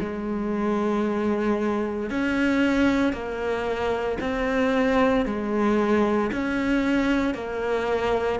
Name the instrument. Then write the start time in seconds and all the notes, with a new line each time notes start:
cello
0.00 G#3
2.10 C#4
3.13 A#3
4.21 C4
5.25 G#3
6.32 C#4
7.34 A#3